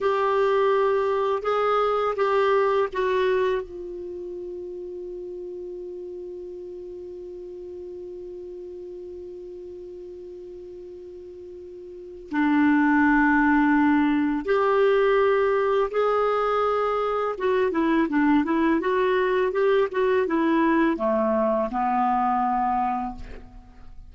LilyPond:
\new Staff \with { instrumentName = "clarinet" } { \time 4/4 \tempo 4 = 83 g'2 gis'4 g'4 | fis'4 f'2.~ | f'1~ | f'1~ |
f'4 d'2. | g'2 gis'2 | fis'8 e'8 d'8 e'8 fis'4 g'8 fis'8 | e'4 a4 b2 | }